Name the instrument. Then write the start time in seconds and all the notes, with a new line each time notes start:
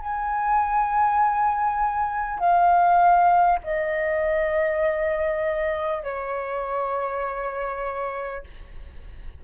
flute
0.00 G#5
2.39 F5
3.64 D#5
6.04 C#5